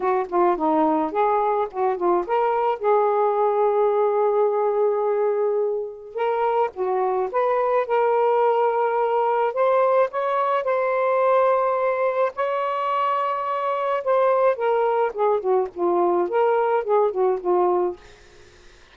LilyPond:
\new Staff \with { instrumentName = "saxophone" } { \time 4/4 \tempo 4 = 107 fis'8 f'8 dis'4 gis'4 fis'8 f'8 | ais'4 gis'2.~ | gis'2. ais'4 | fis'4 b'4 ais'2~ |
ais'4 c''4 cis''4 c''4~ | c''2 cis''2~ | cis''4 c''4 ais'4 gis'8 fis'8 | f'4 ais'4 gis'8 fis'8 f'4 | }